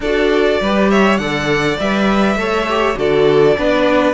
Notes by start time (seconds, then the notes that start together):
0.00 D4 F#4 A4 D5
0.60 G3 G4 B4
0.90 C#5 E5
1.17 D3 A4 D5 F#5
1.79 G3 B4 E5
2.35 A3 A4 C#5
2.69 G4
2.96 D3 F#4 A4 D5
3.57 B3 D4 B4